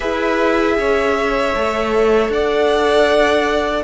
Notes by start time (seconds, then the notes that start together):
0.00 E4 G#4 B4 E5
0.78 C#4 C#5
1.55 A3 A4
2.28 D4 D5 F#5